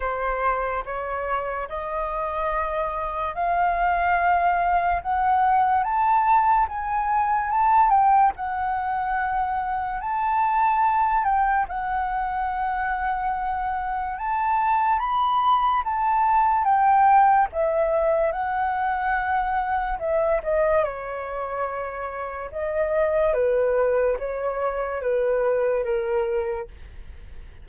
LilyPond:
\new Staff \with { instrumentName = "flute" } { \time 4/4 \tempo 4 = 72 c''4 cis''4 dis''2 | f''2 fis''4 a''4 | gis''4 a''8 g''8 fis''2 | a''4. g''8 fis''2~ |
fis''4 a''4 b''4 a''4 | g''4 e''4 fis''2 | e''8 dis''8 cis''2 dis''4 | b'4 cis''4 b'4 ais'4 | }